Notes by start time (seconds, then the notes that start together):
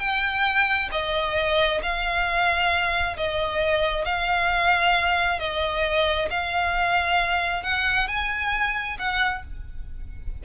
0.00 G5
0.92 D#5
1.83 F5
3.17 D#5
4.05 F5
5.39 D#5
6.30 F5
7.64 F#5
8.08 G#5
8.99 F#5